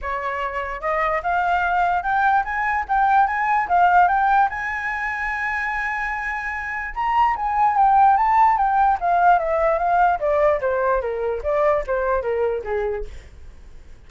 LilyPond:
\new Staff \with { instrumentName = "flute" } { \time 4/4 \tempo 4 = 147 cis''2 dis''4 f''4~ | f''4 g''4 gis''4 g''4 | gis''4 f''4 g''4 gis''4~ | gis''1~ |
gis''4 ais''4 gis''4 g''4 | a''4 g''4 f''4 e''4 | f''4 d''4 c''4 ais'4 | d''4 c''4 ais'4 gis'4 | }